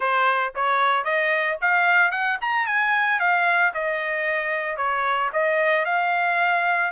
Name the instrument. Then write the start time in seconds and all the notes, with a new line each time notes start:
trumpet
0.00 C5
0.55 C#5
1.04 D#5
1.61 F5
2.11 F#5
2.41 A#5
2.66 G#5
3.19 F5
3.74 D#5
4.76 C#5
5.32 D#5
5.85 F5